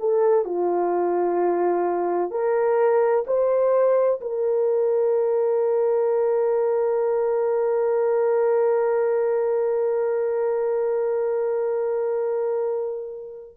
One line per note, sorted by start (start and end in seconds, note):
0.00 0.45 A4
0.45 2.31 F4
2.31 3.25 A#4
3.27 4.21 C5
4.21 13.57 A#4